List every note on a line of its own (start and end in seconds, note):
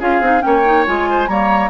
0.00 0.21 C#4
0.00 0.22 F4
0.00 0.43 G#4
0.00 0.42 F5
0.21 0.42 C4
0.21 0.40 D#4
0.40 0.87 A#3
0.40 0.62 C#4
0.40 0.85 G5
0.47 1.10 C#5
0.65 0.87 D#4
0.87 1.28 G#3
0.87 1.29 F4
0.87 1.28 G#5
1.10 1.30 C5
1.28 1.70 G3
1.28 1.70 A#3
1.28 1.70 C#5
1.28 1.70 A#5